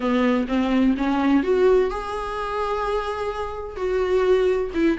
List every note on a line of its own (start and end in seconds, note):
0.00 0.46 B3
0.48 0.95 C4
0.97 1.43 C#4
1.43 1.90 F#4
1.90 3.76 G#4
3.76 4.70 F#4
4.74 4.97 E4